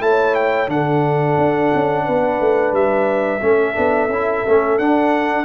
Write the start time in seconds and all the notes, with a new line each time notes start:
0.00 A3 E4 C#5 A5
0.35 G5
0.68 D3 D4 A4 F#5
1.37 D4
1.75 C#4
2.05 B3 B4
2.40 A3
2.72 G3 E5
3.42 A3 C#4 A4
3.75 B3 D4
4.08 C#4 E4
4.47 A3 C#4
4.78 D4 F#5